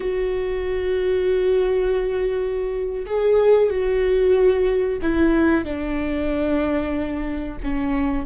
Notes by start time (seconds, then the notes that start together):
0.00 F#4
3.06 G#4
3.70 F#4
5.01 E4
5.64 D4
7.63 C#4